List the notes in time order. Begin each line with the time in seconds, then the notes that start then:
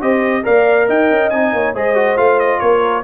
0.00 C4 G4 C5 D#5
0.43 A#3 A#4 D5 F5
0.87 D#4 D#5 G5
1.10 C#4
1.30 C4 D#4 G#5
1.53 A#3 C#5
1.74 G#3 G#4 C5 D#5
1.95 F#4
2.17 A3 F4 F5
2.39 D#5
2.60 A#3 A#4 C#5